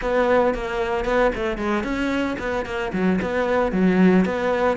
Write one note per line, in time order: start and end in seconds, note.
0.01 0.54 B3
0.54 1.05 A#3
1.05 1.31 B3
1.35 1.57 A3
1.57 1.83 G#3
1.83 2.36 C#4
2.38 2.65 B3
2.65 2.92 A#3
2.93 3.19 F#3
3.21 3.72 B3
3.72 4.25 F#3
4.25 4.77 B3